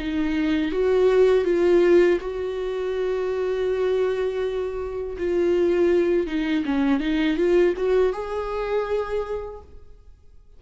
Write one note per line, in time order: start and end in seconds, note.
0.00 0.72 D#4
0.72 1.45 F#4
1.45 2.19 F4
2.21 5.17 F#4
5.19 6.28 F4
6.28 6.65 D#4
6.66 7.00 C#4
7.00 7.37 D#4
7.38 7.75 F4
7.77 8.13 F#4
8.13 9.61 G#4